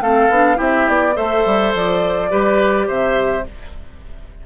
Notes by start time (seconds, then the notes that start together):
0.00 A3 C4 A4 F5
0.29 B3 D4
0.55 C4 E4 G4
0.61 E5
0.88 B3 D5
1.15 A3 A4 C5 E5
1.45 G3
1.74 F3 D5
2.29 G3 G4 B4
2.87 C3 C5 E5